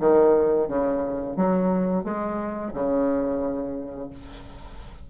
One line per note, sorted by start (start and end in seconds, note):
0.00 0.68 D#3
0.68 1.37 C#3
1.37 2.04 F#3
2.04 2.72 G#3
2.74 4.10 C#3